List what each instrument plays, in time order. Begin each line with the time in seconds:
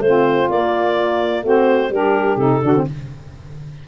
0.00 tuba A3, saxophone C4 F4, clarinet C5
0.49 tuba A#3, saxophone A#3, clarinet D5
1.42 tuba A3, saxophone C4 F#4, clarinet C5
1.90 tuba G3, saxophone D4 G4, clarinet A#4
2.36 tuba C3, saxophone D#4, clarinet A4
2.62 tuba D3, saxophone D4 F#4
2.76 saxophone C4